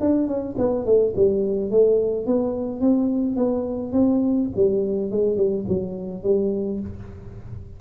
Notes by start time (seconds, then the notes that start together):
0.00 D4
0.27 C#4
0.58 B3
0.85 A3
1.16 G3
1.71 A3
2.26 B3
2.80 C4
3.36 B3
3.92 C4
4.56 G3
5.11 G#3
5.36 G3
5.68 F#3
6.23 G3